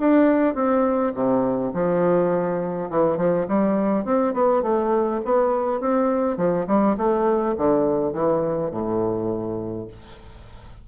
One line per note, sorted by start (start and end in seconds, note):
0.00 0.55 D4
0.55 1.13 C4
1.15 1.73 C3
1.74 2.90 F3
2.90 3.17 E3
3.17 3.47 F3
3.48 4.05 G3
4.05 4.34 C4
4.34 4.63 B3
4.63 5.21 A3
5.25 5.81 B3
5.81 6.37 C4
6.37 6.66 F3
6.68 6.97 G3
6.97 7.56 A3
7.58 8.13 D3
8.13 8.71 E3
8.71 9.88 A2